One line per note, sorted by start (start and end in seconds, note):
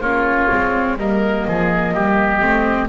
0.00 0.48 A#3
0.00 0.50 C#4
0.00 0.95 F4
0.00 0.97 C#5
0.50 0.98 G#3
0.50 0.97 C4
0.98 1.45 G3
0.98 2.40 A#3
0.98 1.46 A#4
0.98 2.88 D#5
1.47 1.93 F3
1.47 1.94 G#4
1.93 2.41 G3
1.93 2.88 G4
2.40 2.88 A3
2.40 2.88 C4